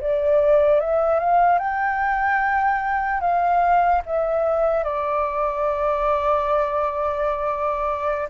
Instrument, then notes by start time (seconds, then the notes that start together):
flute
0.00 D5
0.80 E5
1.19 F5
1.58 G5
3.20 F5
4.05 E5
4.84 D5